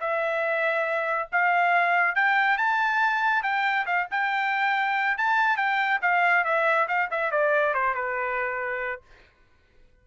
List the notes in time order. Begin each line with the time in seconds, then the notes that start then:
0.00 E5
1.32 F5
2.15 G5
2.58 A5
3.42 G5
3.86 F5
4.11 G5
5.17 A5
5.57 G5
6.02 F5
6.44 E5
6.88 F5
7.11 E5
7.31 D5
7.74 C5
7.94 B4